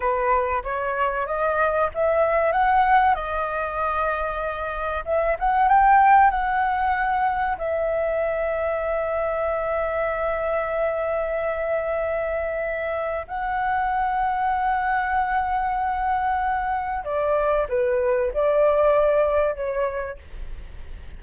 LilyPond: \new Staff \with { instrumentName = "flute" } { \time 4/4 \tempo 4 = 95 b'4 cis''4 dis''4 e''4 | fis''4 dis''2. | e''8 fis''8 g''4 fis''2 | e''1~ |
e''1~ | e''4 fis''2.~ | fis''2. d''4 | b'4 d''2 cis''4 | }